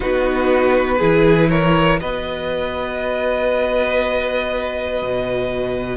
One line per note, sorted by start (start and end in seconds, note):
0.00 1.01 B3
0.00 0.98 D#4
0.00 0.98 F#4
0.00 1.49 B4
0.98 2.01 E3
0.98 1.99 E4
0.98 1.48 G#4
1.49 2.00 A#4
1.49 1.99 C#5
1.99 5.01 B3
1.99 5.96 F#4
1.99 5.96 B4
1.99 5.96 D#5
5.01 5.96 B2